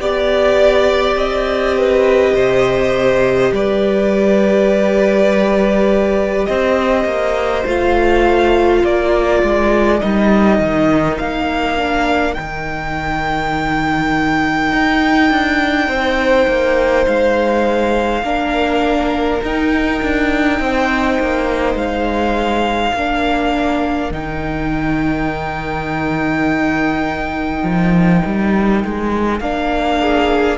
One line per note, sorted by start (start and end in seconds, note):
0.00 1.16 B3
0.00 7.66 G4
0.00 1.19 D5
0.00 1.78 D5
1.16 2.34 C4
1.16 3.54 D#5
1.78 2.35 B4
2.34 3.51 C3
2.34 3.53 C5
3.53 6.47 G3
3.53 6.48 B4
3.53 6.46 D5
6.46 7.05 C4
6.46 8.82 C5
6.46 7.63 D#5
7.05 7.64 A#3
7.66 8.84 A3
7.66 10.01 F4
7.66 8.85 F5
8.82 9.43 A#3
8.82 15.87 A#4
8.82 10.01 D5
9.43 10.02 G#3
10.01 10.60 G3
10.01 11.77 D#4
10.01 11.18 D#5
10.60 11.19 D#3
11.18 12.38 A#3
11.18 12.34 F5
11.77 12.35 D4
12.34 14.72 D#3
12.34 18.23 D#4
12.34 17.05 G5
14.72 15.30 D#4
15.30 15.88 D4
15.88 16.47 C4
15.88 18.24 C5
16.48 17.07 A#3
17.07 18.23 G#3
17.07 19.42 F5
18.23 19.41 A#3
18.23 19.42 D4
18.23 20.61 A#4
19.43 20.02 D#4
19.43 22.96 D#4
19.43 21.77 G5
20.03 20.60 D4
20.60 21.19 C4
20.60 22.95 C5
21.20 21.75 A#3
21.75 22.93 G#3
21.75 24.13 F5
22.94 24.11 A#3
22.94 24.12 D4
22.94 30.00 A#4
24.11 27.63 D#3
24.11 29.41 D#4
24.11 29.40 G5
27.63 28.22 F3
28.26 28.85 G3
28.85 29.41 G#3
29.40 30.58 A#3
29.40 30.58 D4
29.40 30.58 F5
30.00 30.58 G#4